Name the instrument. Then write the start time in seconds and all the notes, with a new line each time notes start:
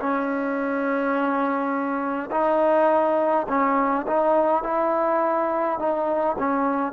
trombone
0.00 C#4
2.32 D#4
3.49 C#4
4.08 D#4
4.64 E4
5.79 D#4
6.39 C#4